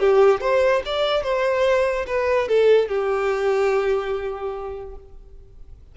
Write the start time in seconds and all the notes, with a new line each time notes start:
0.00 G4
0.41 C5
0.86 D5
1.23 C5
2.07 B4
2.48 A4
2.89 G4